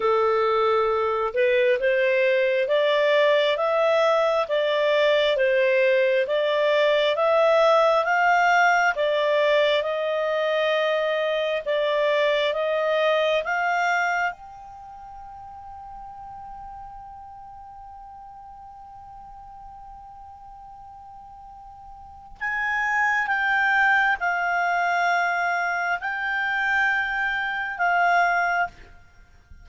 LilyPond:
\new Staff \with { instrumentName = "clarinet" } { \time 4/4 \tempo 4 = 67 a'4. b'8 c''4 d''4 | e''4 d''4 c''4 d''4 | e''4 f''4 d''4 dis''4~ | dis''4 d''4 dis''4 f''4 |
g''1~ | g''1~ | g''4 gis''4 g''4 f''4~ | f''4 g''2 f''4 | }